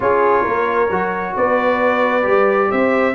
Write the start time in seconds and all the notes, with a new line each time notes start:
0.00 C#4 F4 G#4 C#5
0.42 A#3 A#4
0.90 F#3 F#4
1.36 B3 B4 D5
2.22 G3 G4
2.70 C4 C5 E5